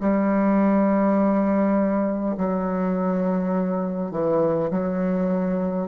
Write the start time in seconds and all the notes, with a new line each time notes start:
0.00 G3
2.37 F#3
4.11 E3
4.71 F#3